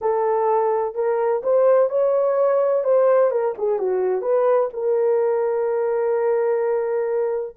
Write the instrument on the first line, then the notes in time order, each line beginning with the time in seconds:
horn
0.01 A4
0.94 A#4
1.43 C5
1.89 C#5
2.83 C5
3.30 A#4
3.58 G#4
3.79 F#4
4.21 B4
4.73 A#4